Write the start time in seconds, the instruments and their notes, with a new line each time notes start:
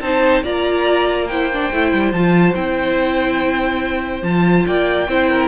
0.00 cello C4, viola D#4, violin C5 A5
0.43 cello A#3, viola F4, violin D5 A#5
1.27 viola E4, violin C5 G5
1.52 viola D4
1.71 cello A3, viola E4
1.93 cello G3
2.12 cello F3, viola F4, violin A5
2.54 cello C4, viola E4, violin G5
4.22 cello F3, viola F4, violin A5
4.66 cello A#3, violin D5 G5
5.08 cello C4, viola E4, violin C5
5.29 violin A#4